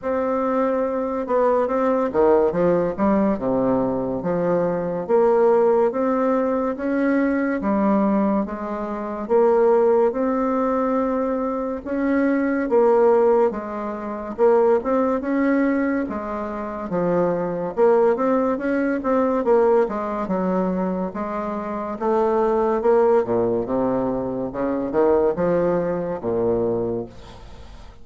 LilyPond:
\new Staff \with { instrumentName = "bassoon" } { \time 4/4 \tempo 4 = 71 c'4. b8 c'8 dis8 f8 g8 | c4 f4 ais4 c'4 | cis'4 g4 gis4 ais4 | c'2 cis'4 ais4 |
gis4 ais8 c'8 cis'4 gis4 | f4 ais8 c'8 cis'8 c'8 ais8 gis8 | fis4 gis4 a4 ais8 ais,8 | c4 cis8 dis8 f4 ais,4 | }